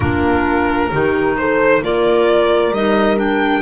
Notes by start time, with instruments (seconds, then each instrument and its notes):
0.00 double bass A#3, clarinet D4, horn F4, violin A#4
0.91 double bass D#3, clarinet D#4, horn G4
1.36 horn A4, violin C5
1.81 double bass A#3, clarinet F4, horn A#4, violin D5
2.70 double bass G3, clarinet D#4, violin D#5
3.16 clarinet D4, violin G5